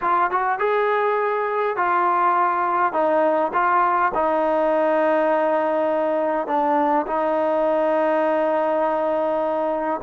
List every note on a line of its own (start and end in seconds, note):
0.01 0.30 F4
0.30 0.58 F#4
0.58 1.76 G#4
1.76 2.92 F4
2.92 3.51 D#4
3.53 4.11 F4
4.14 6.47 D#4
6.47 7.06 D4
7.06 10.00 D#4